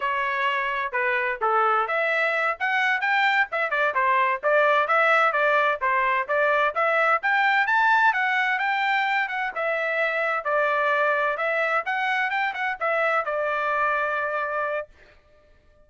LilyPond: \new Staff \with { instrumentName = "trumpet" } { \time 4/4 \tempo 4 = 129 cis''2 b'4 a'4 | e''4. fis''4 g''4 e''8 | d''8 c''4 d''4 e''4 d''8~ | d''8 c''4 d''4 e''4 g''8~ |
g''8 a''4 fis''4 g''4. | fis''8 e''2 d''4.~ | d''8 e''4 fis''4 g''8 fis''8 e''8~ | e''8 d''2.~ d''8 | }